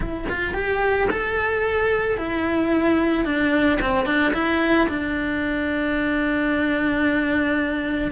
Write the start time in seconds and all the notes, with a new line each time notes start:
0.00 E4
0.29 F4
0.54 G4
1.10 A4
2.17 E4
3.24 D4
3.81 C4
4.05 D4
4.33 E4
4.88 D4